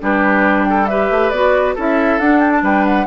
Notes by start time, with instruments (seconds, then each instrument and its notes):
0.00 bassoon G3, clarinet D4, oboe G4, flute B4
0.65 oboe A4, flute G5
0.86 clarinet G4, oboe B4, flute E5
1.10 bassoon A3
1.30 bassoon B3, clarinet F#4, flute D5
1.75 bassoon C#4, clarinet E4, oboe A4, flute E5
2.19 bassoon D4, clarinet D4, flute F#5
2.40 flute G5
2.52 flute A5
2.62 bassoon G3, oboe B4, flute G5
2.86 flute F#5